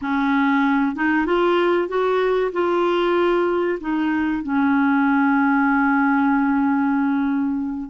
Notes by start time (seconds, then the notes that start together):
0.01 C#4
0.95 D#4
1.26 F4
1.88 F#4
2.52 F4
3.80 D#4
4.42 C#4